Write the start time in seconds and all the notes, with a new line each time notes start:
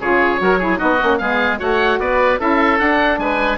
0.00 C#3 F4 G#4 C#5
0.39 F#3 F#4 A#4
0.59 E4 G#4
0.78 B3 D#4 F#4 D#5
1.00 A#3 C#4
1.18 G#3 B3 G#4 F5
1.58 A3 F#4 C#5 F#5
1.99 B3 B4 D5
2.38 C#4 E4 A4 E5
2.79 D4 F#5
3.18 G#3 B4 G#5